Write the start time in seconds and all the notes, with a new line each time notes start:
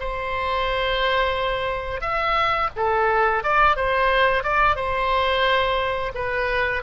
0.00 C5
2.01 E5
2.76 A4
3.44 D5
3.77 C5
4.44 D5
4.76 C5
6.15 B4